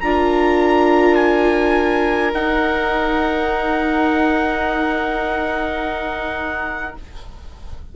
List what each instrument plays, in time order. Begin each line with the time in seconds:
0.00 bassoon D4, viola F4, violin A#4, trumpet A#5
1.15 trumpet G#5
2.33 bassoon D#4, viola D#4, trumpet F#5